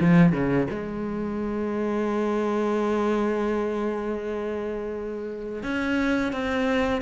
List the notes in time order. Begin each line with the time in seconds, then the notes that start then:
0.00 F3
0.32 C#3
0.70 G#3
5.63 C#4
6.33 C4